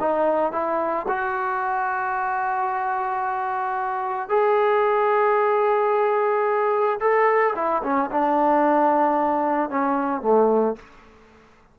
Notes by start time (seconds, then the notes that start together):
0.00 D#4
0.53 E4
1.09 F#4
4.29 G#4
7.01 A4
7.56 E4
7.84 C#4
8.12 D4
9.70 C#4
10.22 A3